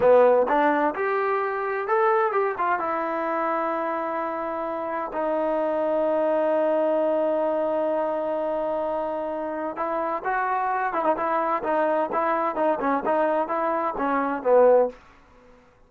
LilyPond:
\new Staff \with { instrumentName = "trombone" } { \time 4/4 \tempo 4 = 129 b4 d'4 g'2 | a'4 g'8 f'8 e'2~ | e'2. dis'4~ | dis'1~ |
dis'1~ | dis'4 e'4 fis'4. e'16 dis'16 | e'4 dis'4 e'4 dis'8 cis'8 | dis'4 e'4 cis'4 b4 | }